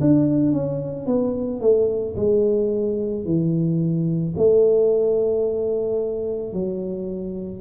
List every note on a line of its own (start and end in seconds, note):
0.00 0.52 D4
0.52 1.06 C#4
1.06 1.60 B3
1.60 2.15 A3
2.16 3.25 G#3
3.25 4.34 E3
4.36 6.53 A3
6.53 7.61 F#3